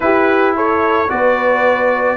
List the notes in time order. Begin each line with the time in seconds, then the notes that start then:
0.00 E4 G4 B4
0.56 A4 C#5
1.08 B3 F#4 B4 D5